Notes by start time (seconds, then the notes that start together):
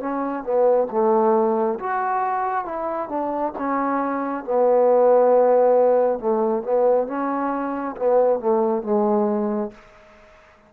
0.00 C#4
0.44 B3
0.91 A3
1.80 F#4
2.65 E4
3.09 D4
3.58 C#4
4.45 B3
6.19 A3
6.63 B3
7.07 C#4
7.97 B3
8.40 A3
8.83 G#3